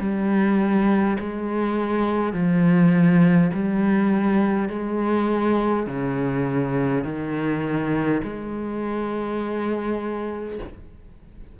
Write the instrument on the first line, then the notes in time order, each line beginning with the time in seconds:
cello
0.00 G3
1.20 G#3
2.33 F3
3.53 G3
4.69 G#3
5.87 C#3
7.04 D#3
8.24 G#3